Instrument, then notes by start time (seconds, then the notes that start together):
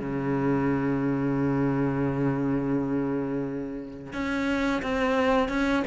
cello
0.00 C#3
4.13 C#4
4.83 C4
5.49 C#4